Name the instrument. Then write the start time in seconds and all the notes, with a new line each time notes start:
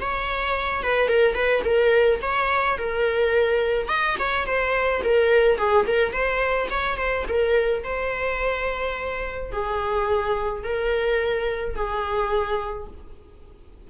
viola
0.00 C#5
0.83 B4
1.08 A#4
1.35 B4
1.64 A#4
2.22 C#5
2.78 A#4
3.88 D#5
4.19 C#5
4.46 C5
5.04 A#4
5.57 G#4
5.87 A#4
6.12 C5
6.70 C#5
6.97 C5
7.28 A#4
7.84 C5
9.52 G#4
10.64 A#4
11.75 G#4